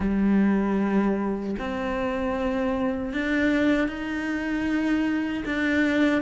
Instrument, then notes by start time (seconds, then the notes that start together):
cello
0.00 G3
1.58 C4
3.13 D4
3.87 D#4
5.45 D4